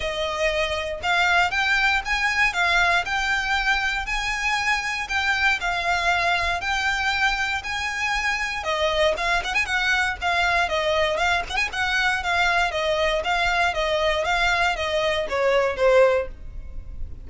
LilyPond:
\new Staff \with { instrumentName = "violin" } { \time 4/4 \tempo 4 = 118 dis''2 f''4 g''4 | gis''4 f''4 g''2 | gis''2 g''4 f''4~ | f''4 g''2 gis''4~ |
gis''4 dis''4 f''8 fis''16 gis''16 fis''4 | f''4 dis''4 f''8 fis''16 gis''16 fis''4 | f''4 dis''4 f''4 dis''4 | f''4 dis''4 cis''4 c''4 | }